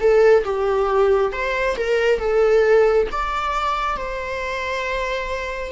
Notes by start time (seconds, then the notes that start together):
0.00 A4
0.44 G4
1.32 C5
1.77 A#4
2.19 A4
3.12 D5
3.97 C5